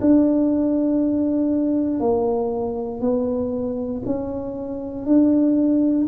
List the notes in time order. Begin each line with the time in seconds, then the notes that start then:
0.00 D4
1.99 A#3
3.00 B3
4.05 C#4
5.06 D4